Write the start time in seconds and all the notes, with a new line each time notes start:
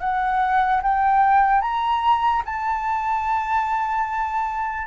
0.00 F#5
0.82 G5
1.61 A#5
2.45 A5